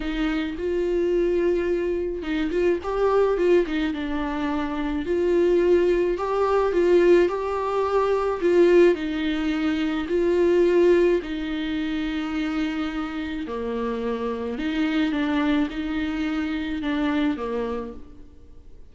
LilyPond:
\new Staff \with { instrumentName = "viola" } { \time 4/4 \tempo 4 = 107 dis'4 f'2. | dis'8 f'8 g'4 f'8 dis'8 d'4~ | d'4 f'2 g'4 | f'4 g'2 f'4 |
dis'2 f'2 | dis'1 | ais2 dis'4 d'4 | dis'2 d'4 ais4 | }